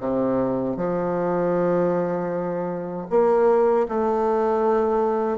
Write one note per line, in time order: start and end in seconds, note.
0.00 0.77 C3
0.77 3.07 F3
3.10 3.87 A#3
3.88 5.38 A3